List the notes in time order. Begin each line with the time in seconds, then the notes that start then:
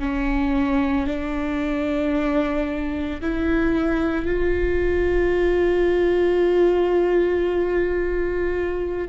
0.00 C#4
1.07 D4
3.21 E4
4.26 F4